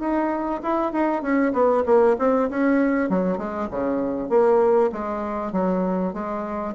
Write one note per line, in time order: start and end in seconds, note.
0.00 0.61 D#4
0.63 0.92 E4
0.92 1.22 D#4
1.22 1.53 C#4
1.53 1.84 B3
1.86 2.17 A#3
2.19 2.50 C4
2.50 3.10 C#4
3.10 3.38 F#3
3.38 3.69 G#3
3.71 4.29 C#3
4.29 4.91 A#3
4.93 5.53 G#3
5.53 6.14 F#3
6.14 6.75 G#3